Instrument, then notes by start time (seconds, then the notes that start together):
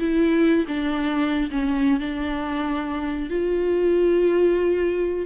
viola
0.00 E4
0.68 D4
1.52 C#4
2.00 D4
3.30 F4